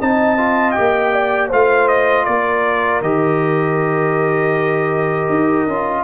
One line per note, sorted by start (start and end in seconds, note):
0.00 0.77 C4
0.00 0.38 D#4
0.00 1.13 D#5
0.00 0.71 A5
0.38 0.75 F4
0.71 1.51 G4
0.71 1.47 G5
0.78 1.53 A#3
1.13 1.49 D5
1.49 2.28 A3
1.49 3.03 F4
1.49 2.25 C5
1.49 1.88 F5
1.88 2.25 D#5
2.25 3.01 A#3
2.25 6.03 A#4
2.25 3.01 D5
3.01 5.29 D#3
3.01 5.69 G4
3.01 6.03 D#5
5.29 5.67 D#4
5.67 6.03 C#4
5.67 6.03 F4